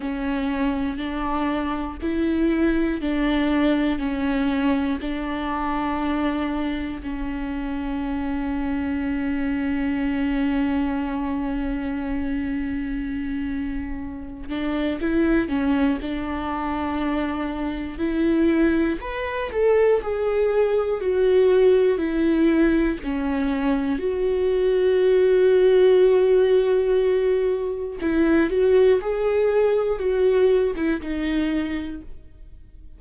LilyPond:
\new Staff \with { instrumentName = "viola" } { \time 4/4 \tempo 4 = 60 cis'4 d'4 e'4 d'4 | cis'4 d'2 cis'4~ | cis'1~ | cis'2~ cis'8 d'8 e'8 cis'8 |
d'2 e'4 b'8 a'8 | gis'4 fis'4 e'4 cis'4 | fis'1 | e'8 fis'8 gis'4 fis'8. e'16 dis'4 | }